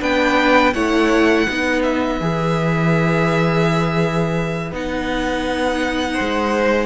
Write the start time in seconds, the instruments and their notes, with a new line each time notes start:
0.00 cello B3, viola D4, violin B4 G5
0.74 cello A3, viola E4, violin C#5 F#5
1.45 cello B3, viola D#4, violin B4
1.82 violin E5
2.20 cello E3, viola G#4
4.72 cello B3, viola D#4, violin F#5
6.14 violin C5
6.20 cello G#3